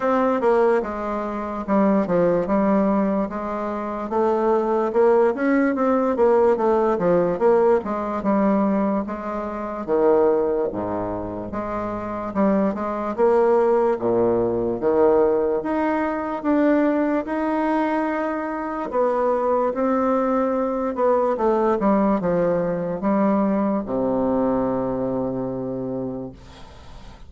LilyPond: \new Staff \with { instrumentName = "bassoon" } { \time 4/4 \tempo 4 = 73 c'8 ais8 gis4 g8 f8 g4 | gis4 a4 ais8 cis'8 c'8 ais8 | a8 f8 ais8 gis8 g4 gis4 | dis4 gis,4 gis4 g8 gis8 |
ais4 ais,4 dis4 dis'4 | d'4 dis'2 b4 | c'4. b8 a8 g8 f4 | g4 c2. | }